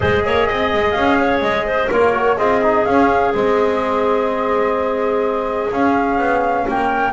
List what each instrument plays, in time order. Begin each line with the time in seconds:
0.00 double bass G#3, trombone G#4, clarinet C5, flute D#5
0.25 double bass A#3, clarinet C#5
0.47 double bass C4, clarinet D#5
0.73 double bass G#3
0.90 double bass C#4, flute F5
1.20 clarinet C#5
1.41 double bass G#3, flute D#5
1.66 clarinet C5
1.90 double bass A#3, trombone F4, clarinet A#4, flute C#5
2.13 trombone F#4
2.36 double bass C4, trombone F4, clarinet G#4, flute D#5
2.62 trombone D#4
2.85 double bass C#4, trombone C#4, flute F5
3.33 double bass G#3, trombone C4, flute D#5
5.71 double bass C#4, trombone C#4, flute F5
6.18 double bass B3
6.68 double bass A#3, clarinet A#4, flute G5